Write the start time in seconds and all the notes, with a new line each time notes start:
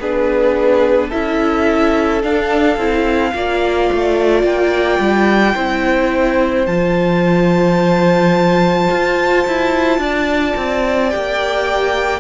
0.00 B3 D4 G#4 B4
1.09 C#4 E4 A4 E5
2.23 D4 F5
2.77 C4 E4
3.34 A#3 F4 D5
3.93 A3
4.44 A#3 G5
5.00 G3
5.55 C4 E4 C5
6.66 F3 F4 A5
8.91 F4
9.47 E4
9.98 D4 D5
10.57 C4
11.09 G4 G5
11.16 A#3